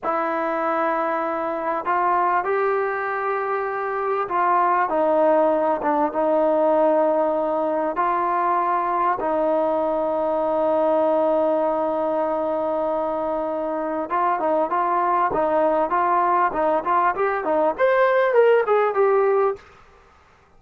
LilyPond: \new Staff \with { instrumentName = "trombone" } { \time 4/4 \tempo 4 = 98 e'2. f'4 | g'2. f'4 | dis'4. d'8 dis'2~ | dis'4 f'2 dis'4~ |
dis'1~ | dis'2. f'8 dis'8 | f'4 dis'4 f'4 dis'8 f'8 | g'8 dis'8 c''4 ais'8 gis'8 g'4 | }